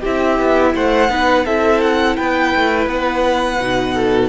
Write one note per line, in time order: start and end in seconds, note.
0.00 0.39 C4
0.00 1.09 E4
0.00 0.71 G4
0.00 0.75 E5
0.39 0.75 B3
0.75 1.10 A3
0.75 1.11 C5
0.75 1.46 F#5
1.09 1.45 B3
1.09 1.45 D#4
1.09 1.45 B4
1.45 2.17 C4
1.45 3.61 E4
1.45 2.16 A4
1.45 1.81 E5
1.81 2.16 F#5
2.16 2.55 B3
2.16 3.94 B4
2.16 2.88 G5
2.55 2.87 A3
2.87 3.58 B3
2.87 4.29 F#5
3.59 4.29 B2
3.59 4.29 D#4
3.94 4.29 A4